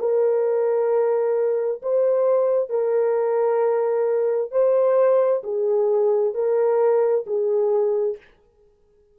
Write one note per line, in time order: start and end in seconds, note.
0.00 1.82 A#4
1.83 2.70 C5
2.70 4.52 A#4
4.52 5.43 C5
5.44 6.35 G#4
6.35 7.26 A#4
7.27 8.18 G#4